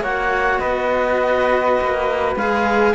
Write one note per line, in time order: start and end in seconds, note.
0.00 0.58 A#3
0.00 2.36 F#4
0.00 0.59 C#5
0.00 0.59 F#5
0.59 1.79 B3
0.59 2.92 B4
0.59 2.33 D#5
1.80 2.35 A#3
2.35 2.94 G#3
2.35 2.94 G#4
2.35 2.94 F5